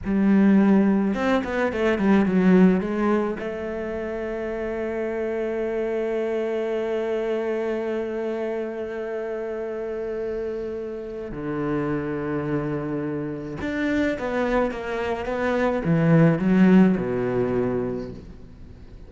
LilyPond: \new Staff \with { instrumentName = "cello" } { \time 4/4 \tempo 4 = 106 g2 c'8 b8 a8 g8 | fis4 gis4 a2~ | a1~ | a1~ |
a1 | d1 | d'4 b4 ais4 b4 | e4 fis4 b,2 | }